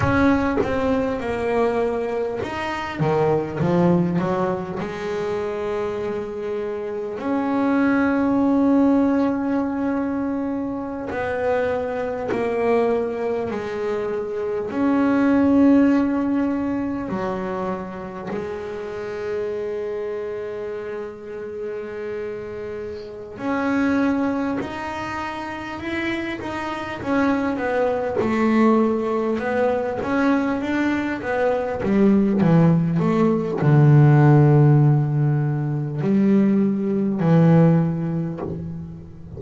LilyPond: \new Staff \with { instrumentName = "double bass" } { \time 4/4 \tempo 4 = 50 cis'8 c'8 ais4 dis'8 dis8 f8 fis8 | gis2 cis'2~ | cis'4~ cis'16 b4 ais4 gis8.~ | gis16 cis'2 fis4 gis8.~ |
gis2.~ gis8 cis'8~ | cis'8 dis'4 e'8 dis'8 cis'8 b8 a8~ | a8 b8 cis'8 d'8 b8 g8 e8 a8 | d2 g4 e4 | }